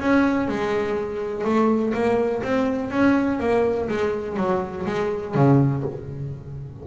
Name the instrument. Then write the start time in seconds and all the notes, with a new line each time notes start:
double bass
0.00 C#4
0.49 G#3
1.45 A3
1.94 A#3
2.43 C4
2.91 C#4
3.40 A#3
3.89 G#3
4.37 F#3
4.86 G#3
5.35 C#3